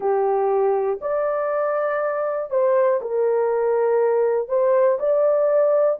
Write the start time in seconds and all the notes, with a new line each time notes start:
0.00 G4
1.01 D5
2.50 C5
3.00 A#4
4.48 C5
4.99 D5